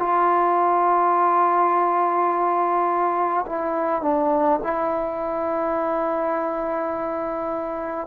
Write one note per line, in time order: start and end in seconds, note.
0.00 3.46 F4
3.46 4.03 E4
4.03 4.60 D4
4.64 8.08 E4